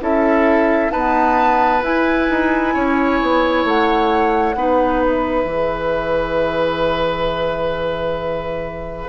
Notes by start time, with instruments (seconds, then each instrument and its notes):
0.00 bassoon C#4, clarinet E4, oboe A4, flute E5
0.90 clarinet B3, bassoon D#4, oboe B4, flute A5
1.82 clarinet E4, bassoon E4, flute G#5
2.30 bassoon D#4
2.74 bassoon C#4, oboe C#5
3.21 bassoon B3
3.65 bassoon A3, flute F#5
4.55 bassoon B3, clarinet D#4, oboe B4
5.02 flute E5
5.45 bassoon E3, clarinet G#4